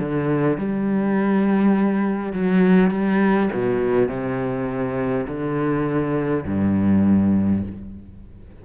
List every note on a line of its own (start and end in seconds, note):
0.00 0.58 D3
0.58 2.34 G3
2.34 2.91 F#3
2.91 3.50 G3
3.53 4.09 B2
4.09 5.27 C3
5.28 6.45 D3
6.46 7.64 G2